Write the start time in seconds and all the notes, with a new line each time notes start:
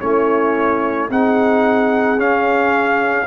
0.00 A3 C#4 E4 C#5
1.10 C4 D#4 G#4 F#5
2.17 C#4 F5